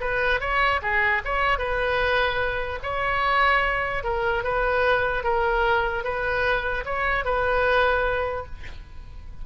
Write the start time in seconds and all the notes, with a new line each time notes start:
0.00 B4
0.40 C#5
0.81 G#4
1.24 C#5
1.58 B4
2.82 C#5
4.03 A#4
4.43 B4
5.23 A#4
6.04 B4
6.85 C#5
7.24 B4